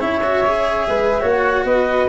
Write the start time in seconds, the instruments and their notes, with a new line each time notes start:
0.00 tuba C#4, cello E4, flute C#5, clarinet E5
0.24 cello F#4
0.46 cello G#4
0.88 tuba G#3, flute B4
1.21 tuba A#3, cello F#4, flute C#5
1.31 clarinet F#5
1.65 tuba B3, flute B4, clarinet D#5